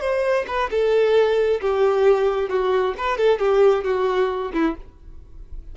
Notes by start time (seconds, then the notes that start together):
0.00 C5
0.47 B4
0.70 A4
1.61 G4
2.49 F#4
2.97 B4
3.17 A4
3.39 G4
3.84 F#4
4.53 E4